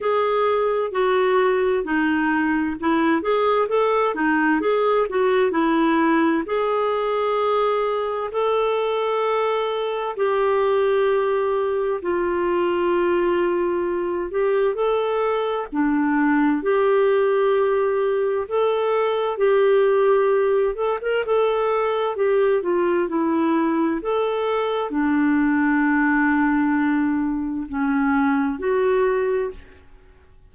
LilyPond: \new Staff \with { instrumentName = "clarinet" } { \time 4/4 \tempo 4 = 65 gis'4 fis'4 dis'4 e'8 gis'8 | a'8 dis'8 gis'8 fis'8 e'4 gis'4~ | gis'4 a'2 g'4~ | g'4 f'2~ f'8 g'8 |
a'4 d'4 g'2 | a'4 g'4. a'16 ais'16 a'4 | g'8 f'8 e'4 a'4 d'4~ | d'2 cis'4 fis'4 | }